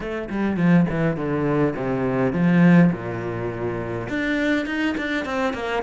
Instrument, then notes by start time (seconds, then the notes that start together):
cello
0.00 A3
0.29 G3
0.57 F3
0.89 E3
1.16 D3
1.76 C3
2.32 F3
2.92 A#2
4.09 D4
4.66 D#4
4.97 D4
5.25 C4
5.53 A#3